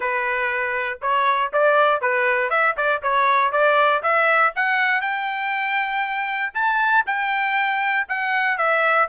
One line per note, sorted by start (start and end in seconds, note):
0.00 0.99 B4
1.01 1.51 C#5
1.52 2.01 D5
2.01 2.50 B4
2.50 2.75 E5
2.76 3.02 D5
3.02 3.52 C#5
3.52 4.02 D5
4.02 4.53 E5
4.55 5.01 F#5
5.01 6.52 G5
6.54 7.04 A5
7.06 8.07 G5
8.08 8.57 F#5
8.57 9.08 E5